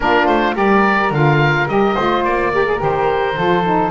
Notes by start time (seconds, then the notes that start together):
0.00 A#3 D4 F4 A#4
0.26 A3 C5
0.54 G3 G4 A#4 D5
1.10 D3 F4 F5
1.67 G3 G4 D#5
1.95 A3 F4 C5
2.24 A#3 D5
2.53 G4 A#4
2.65 G#4
2.77 D#3 G4 C5
3.36 F3 F4 A4
3.64 D#4